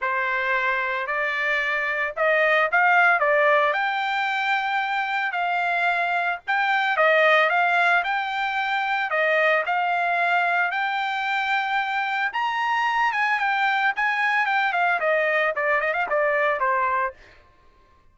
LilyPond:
\new Staff \with { instrumentName = "trumpet" } { \time 4/4 \tempo 4 = 112 c''2 d''2 | dis''4 f''4 d''4 g''4~ | g''2 f''2 | g''4 dis''4 f''4 g''4~ |
g''4 dis''4 f''2 | g''2. ais''4~ | ais''8 gis''8 g''4 gis''4 g''8 f''8 | dis''4 d''8 dis''16 f''16 d''4 c''4 | }